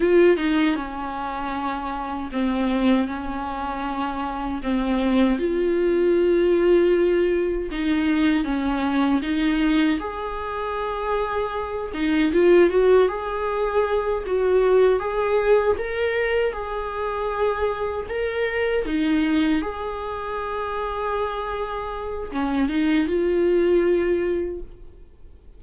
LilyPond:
\new Staff \with { instrumentName = "viola" } { \time 4/4 \tempo 4 = 78 f'8 dis'8 cis'2 c'4 | cis'2 c'4 f'4~ | f'2 dis'4 cis'4 | dis'4 gis'2~ gis'8 dis'8 |
f'8 fis'8 gis'4. fis'4 gis'8~ | gis'8 ais'4 gis'2 ais'8~ | ais'8 dis'4 gis'2~ gis'8~ | gis'4 cis'8 dis'8 f'2 | }